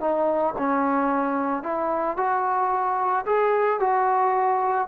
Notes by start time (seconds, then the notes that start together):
0.00 D#4
0.57 C#4
1.63 E4
2.17 F#4
3.26 G#4
3.79 F#4